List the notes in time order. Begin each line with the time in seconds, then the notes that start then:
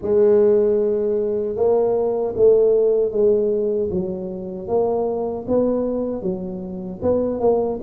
0.02 G#3
1.55 A#3
2.36 A3
3.11 G#3
3.90 F#3
4.68 A#3
5.47 B3
6.22 F#3
7.01 B3
7.40 A#3